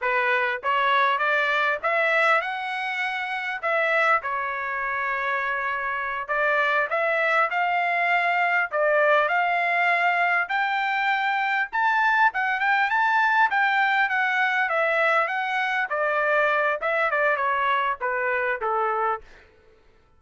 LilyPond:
\new Staff \with { instrumentName = "trumpet" } { \time 4/4 \tempo 4 = 100 b'4 cis''4 d''4 e''4 | fis''2 e''4 cis''4~ | cis''2~ cis''8 d''4 e''8~ | e''8 f''2 d''4 f''8~ |
f''4. g''2 a''8~ | a''8 fis''8 g''8 a''4 g''4 fis''8~ | fis''8 e''4 fis''4 d''4. | e''8 d''8 cis''4 b'4 a'4 | }